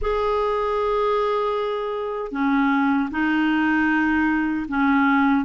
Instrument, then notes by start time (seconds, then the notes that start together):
clarinet
0.01 G#4
2.31 C#4
3.10 D#4
4.68 C#4